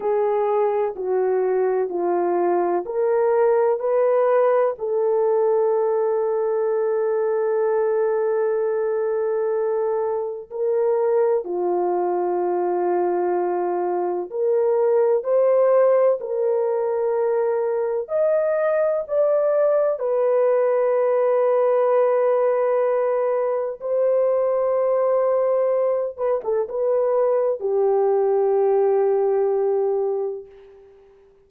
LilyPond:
\new Staff \with { instrumentName = "horn" } { \time 4/4 \tempo 4 = 63 gis'4 fis'4 f'4 ais'4 | b'4 a'2.~ | a'2. ais'4 | f'2. ais'4 |
c''4 ais'2 dis''4 | d''4 b'2.~ | b'4 c''2~ c''8 b'16 a'16 | b'4 g'2. | }